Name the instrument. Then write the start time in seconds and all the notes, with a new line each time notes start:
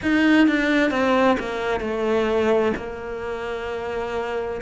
cello
0.02 D#4
0.47 D4
0.91 C4
1.39 A#3
1.80 A3
2.77 A#3